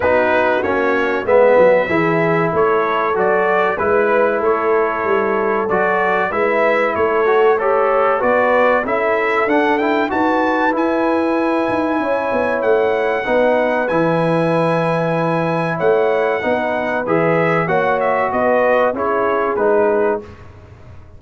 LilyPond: <<
  \new Staff \with { instrumentName = "trumpet" } { \time 4/4 \tempo 4 = 95 b'4 cis''4 e''2 | cis''4 d''4 b'4 cis''4~ | cis''4 d''4 e''4 cis''4 | a'4 d''4 e''4 fis''8 g''8 |
a''4 gis''2. | fis''2 gis''2~ | gis''4 fis''2 e''4 | fis''8 e''8 dis''4 cis''4 b'4 | }
  \new Staff \with { instrumentName = "horn" } { \time 4/4 fis'2 b'4 gis'4 | a'2 b'4 a'4~ | a'2 b'4 a'4 | cis''4 b'4 a'2 |
b'2. cis''4~ | cis''4 b'2.~ | b'4 cis''4 b'2 | cis''4 b'4 gis'2 | }
  \new Staff \with { instrumentName = "trombone" } { \time 4/4 dis'4 cis'4 b4 e'4~ | e'4 fis'4 e'2~ | e'4 fis'4 e'4. fis'8 | g'4 fis'4 e'4 d'8 e'8 |
fis'4 e'2.~ | e'4 dis'4 e'2~ | e'2 dis'4 gis'4 | fis'2 e'4 dis'4 | }
  \new Staff \with { instrumentName = "tuba" } { \time 4/4 b4 ais4 gis8 fis8 e4 | a4 fis4 gis4 a4 | g4 fis4 gis4 a4~ | a4 b4 cis'4 d'4 |
dis'4 e'4. dis'8 cis'8 b8 | a4 b4 e2~ | e4 a4 b4 e4 | ais4 b4 cis'4 gis4 | }
>>